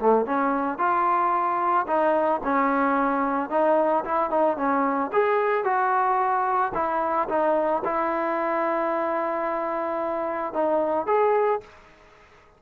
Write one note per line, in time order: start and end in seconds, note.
0.00 0.26 A3
0.26 0.78 C#4
0.78 1.86 F4
1.87 2.41 D#4
2.44 3.50 C#4
3.50 4.04 D#4
4.05 4.30 E4
4.30 4.57 D#4
4.57 5.11 C#4
5.13 5.64 G#4
5.64 6.72 F#4
6.74 7.29 E4
7.29 7.83 D#4
7.85 10.54 E4
10.54 11.07 D#4
11.07 11.61 G#4